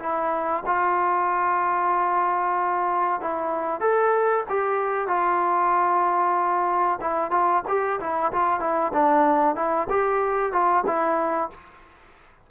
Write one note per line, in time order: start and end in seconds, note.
0.00 0.64 E4
0.66 3.21 F4
3.21 3.81 E4
3.81 4.44 A4
4.49 5.08 G4
5.08 7.00 F4
7.01 7.31 E4
7.31 7.63 F4
7.68 8.00 G4
8.00 8.32 E4
8.33 8.60 F4
8.60 8.92 E4
8.93 9.56 D4
9.56 9.88 E4
9.90 10.53 G4
10.53 10.85 F4
10.87 11.50 E4